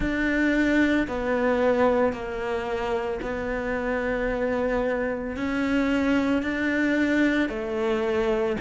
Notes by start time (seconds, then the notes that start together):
0.00 D4
1.07 B3
2.12 A#3
3.21 B3
5.36 C#4
6.42 D4
7.49 A3